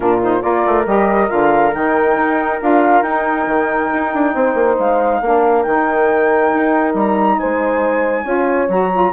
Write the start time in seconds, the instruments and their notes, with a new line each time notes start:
0.00 bassoon A#2, saxophone D4, horn F4, flute A#4
0.22 saxophone D#4, flute C5
0.40 bassoon A#3, saxophone F4, horn A#4, flute D5
0.65 bassoon A3
0.86 bassoon G3, saxophone G4, flute D#5
1.27 bassoon D3, saxophone F4, flute F5
1.74 bassoon D#3, saxophone D#4, flute G5
2.16 bassoon D#4
2.60 bassoon D4, saxophone F4, flute F5
3.02 bassoon D#4, saxophone D#4, flute G5
3.46 bassoon D#3
3.93 bassoon D#4
4.13 bassoon D4
4.34 bassoon C4, horn C5
4.54 bassoon A#3
4.78 bassoon G#3, flute F5
5.21 bassoon A#3, saxophone D4, horn A#4
5.62 bassoon D#3, saxophone D#4, flute G5
6.53 bassoon D#4
6.94 bassoon G3, flute A#5
7.39 bassoon G#3, horn C5, flute G#5
8.24 bassoon C#4, saxophone F4, horn C#5
8.69 bassoon F#3, saxophone F#4, flute A#5
8.92 saxophone F4